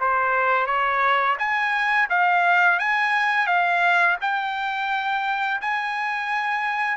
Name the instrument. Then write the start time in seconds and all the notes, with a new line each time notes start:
trumpet
0.00 C5
0.67 C#5
1.39 G#5
2.10 F5
2.79 G#5
3.47 F5
4.21 G5
5.61 G#5